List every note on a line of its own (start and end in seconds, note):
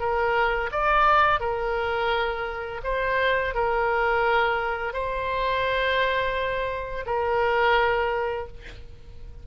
0.00 0.71 A#4
0.72 1.40 D5
1.40 2.81 A#4
2.84 3.55 C5
3.55 4.94 A#4
4.94 7.06 C5
7.07 8.48 A#4